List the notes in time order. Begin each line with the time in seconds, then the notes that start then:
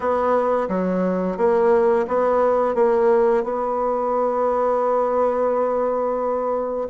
0.00 B3
0.68 F#3
1.37 A#3
2.07 B3
2.74 A#3
3.43 B3